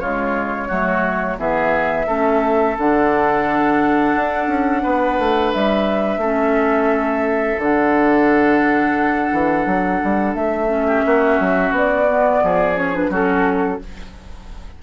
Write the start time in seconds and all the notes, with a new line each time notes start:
0.00 C#3 G#3 F4 C#5
0.68 F#3 A3 F#4
1.38 E3 B3 G#4 E5
2.07 A3 C#4 A4
2.78 D3 D4 F#5
4.15 D4
4.48 C#4
4.83 B3 B4
5.19 A3
5.53 G3 E5
6.18 A3 C#4 A4
7.58 D3 D4 F#5
9.32 E3
9.66 F#3
10.04 G3
10.35 A3 E5
10.68 C#4
10.87 G4
11.05 A#3 F#4
11.40 F#3
11.71 B3
11.77 D5
12.09 B3
12.43 F3 G#4
12.75 C#4 C#5
12.93 D4 B4
13.10 F#3 C#4 F#4 A4